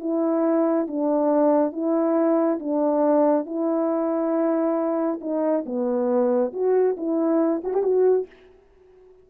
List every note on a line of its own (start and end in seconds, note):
0.00 0.87 E4
0.88 1.72 D4
1.72 2.59 E4
2.60 3.46 D4
3.46 5.20 E4
5.21 5.65 D#4
5.66 6.53 B3
6.53 6.96 F#4
6.97 7.62 E4
7.64 7.74 F#4
7.74 7.83 G4
7.83 8.27 F#4